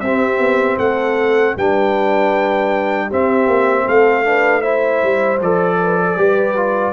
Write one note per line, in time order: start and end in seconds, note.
0.00 0.38 C4
0.00 1.58 C4
0.00 0.78 G4
0.00 0.77 E5
0.38 0.77 B3
0.78 1.56 A3
0.78 1.55 A4
0.78 1.55 F#5
1.55 3.10 G3
1.55 3.10 D4
1.55 3.06 B4
1.55 3.11 G5
3.06 4.24 C4
3.06 3.47 C4
3.06 3.83 G4
3.12 3.88 E5
3.47 3.86 A#3
3.85 5.03 A3
3.85 4.23 A4
3.85 4.61 F5
4.24 4.62 D4
4.24 4.62 B4
4.61 5.38 E4
4.61 5.77 C5
4.61 5.38 E5
5.03 5.41 G3
5.41 6.16 F3
5.41 6.17 A4
5.41 6.93 D5
5.81 5.99 B4
5.99 6.18 A4
6.16 6.93 G3
6.16 6.56 G4
6.16 6.93 B4
6.56 6.93 F4